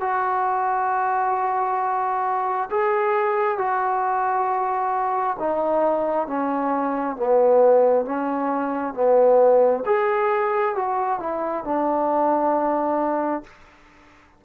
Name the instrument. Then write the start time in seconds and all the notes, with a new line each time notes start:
trombone
0.00 F#4
2.70 G#4
3.57 F#4
5.39 D#4
6.27 C#4
7.16 B3
8.05 C#4
8.93 B3
9.85 G#4
10.75 F#4
11.19 E4
11.64 D4